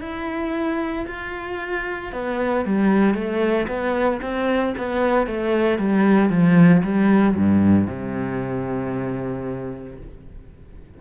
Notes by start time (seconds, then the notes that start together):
0.00 E4
1.07 F4
2.12 B3
2.65 G3
3.14 A3
3.67 B3
4.21 C4
4.77 B3
5.26 A3
5.78 G3
6.29 F3
6.83 G3
7.35 G2
7.87 C3